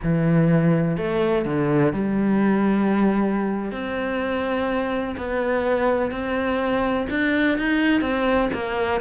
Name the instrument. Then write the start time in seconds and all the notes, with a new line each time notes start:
cello
0.03 E3
0.97 A3
1.45 D3
1.93 G3
3.71 C4
5.17 B3
6.11 C4
7.10 D4
7.58 D#4
8.01 C4
8.53 A#3